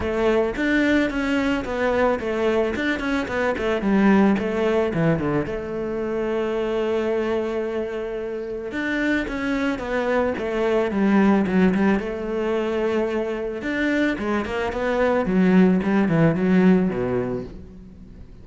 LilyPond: \new Staff \with { instrumentName = "cello" } { \time 4/4 \tempo 4 = 110 a4 d'4 cis'4 b4 | a4 d'8 cis'8 b8 a8 g4 | a4 e8 d8 a2~ | a1 |
d'4 cis'4 b4 a4 | g4 fis8 g8 a2~ | a4 d'4 gis8 ais8 b4 | fis4 g8 e8 fis4 b,4 | }